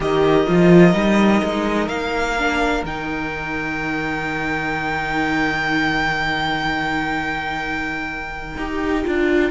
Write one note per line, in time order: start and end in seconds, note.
0.00 0.46 D#3
0.00 0.46 G4
0.00 9.50 A#4
0.00 1.88 D#5
0.46 0.93 F3
0.46 0.92 F4
0.92 1.41 G3
0.92 2.35 D#4
1.43 1.87 G#3
1.87 2.82 A#3
1.87 2.83 F5
2.38 2.86 D4
2.83 8.55 D#3
2.83 8.58 D#4
2.83 9.50 G5
8.57 9.04 D#4
8.57 9.04 G4
9.04 9.50 D4
9.04 9.50 F4